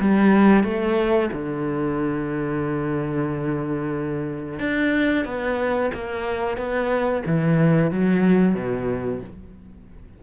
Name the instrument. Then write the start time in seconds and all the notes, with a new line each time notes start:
cello
0.00 G3
0.64 A3
1.33 D3
4.59 D4
5.25 B3
5.94 A#3
6.57 B3
7.26 E3
7.91 F#3
8.55 B2